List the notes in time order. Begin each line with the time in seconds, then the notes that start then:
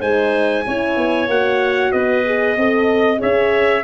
0.00 G#3 D#4 C5 G#5
0.67 C#4 E4 C#5
0.97 B3
1.28 A#3 F#4 F#5
1.92 B3 B4 D#5
2.26 G#4
2.57 C4 A4 D#5
3.18 C#4 G#4 C#5 E5